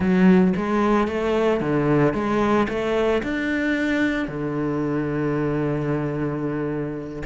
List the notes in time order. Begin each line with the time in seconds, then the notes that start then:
0.00 F#3
0.56 G#3
1.07 A3
1.60 D3
2.13 G#3
2.69 A3
3.22 D4
4.28 D3